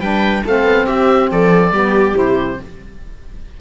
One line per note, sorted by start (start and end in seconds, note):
0.00 0.43 G3
0.00 0.45 D4
0.00 0.44 B4
0.00 0.44 G5
0.46 0.64 A3
0.46 1.73 C4
0.46 0.87 A4
0.46 0.87 F5
0.64 0.85 B3
0.87 1.32 C4
0.87 1.30 G4
0.87 1.30 E5
1.32 1.72 F3
1.32 1.73 A4
1.32 2.18 D5
1.72 2.15 G3
1.72 2.15 B3
1.72 2.60 G4
2.15 2.60 C3
2.15 2.58 E4
2.15 2.61 C5